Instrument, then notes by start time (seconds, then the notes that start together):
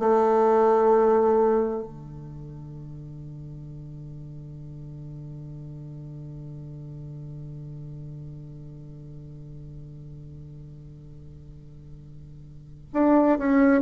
bassoon
0.00 A3
1.83 D3
12.94 D4
13.39 C#4